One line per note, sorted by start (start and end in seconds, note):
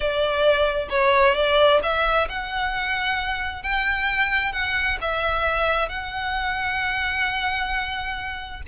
0.00 0.88 D5
0.89 1.34 C#5
1.34 1.80 D5
1.82 2.28 E5
2.29 3.62 F#5
3.62 4.52 G5
4.52 4.98 F#5
5.01 5.88 E5
5.88 8.61 F#5